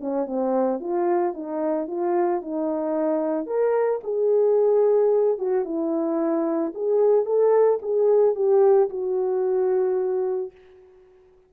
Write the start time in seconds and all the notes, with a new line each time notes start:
0.00 C#4
0.27 C4
0.80 F4
1.33 D#4
1.87 F4
2.41 D#4
3.46 A#4
4.03 G#4
5.39 F#4
5.65 E4
6.74 G#4
7.25 A4
7.82 G#4
8.35 G4
8.89 F#4